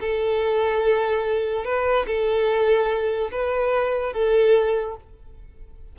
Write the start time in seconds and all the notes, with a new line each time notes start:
0.00 A4
1.64 B4
2.07 A4
3.31 B4
4.13 A4